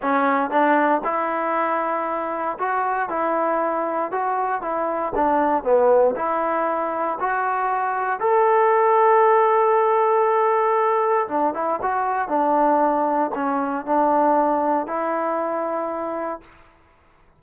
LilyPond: \new Staff \with { instrumentName = "trombone" } { \time 4/4 \tempo 4 = 117 cis'4 d'4 e'2~ | e'4 fis'4 e'2 | fis'4 e'4 d'4 b4 | e'2 fis'2 |
a'1~ | a'2 d'8 e'8 fis'4 | d'2 cis'4 d'4~ | d'4 e'2. | }